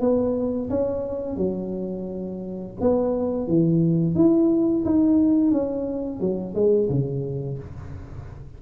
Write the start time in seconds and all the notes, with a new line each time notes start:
0.00 B3
0.70 C#4
1.36 F#3
2.81 B3
3.47 E3
4.15 E4
4.85 D#4
5.51 C#4
6.20 F#3
6.55 G#3
6.89 C#3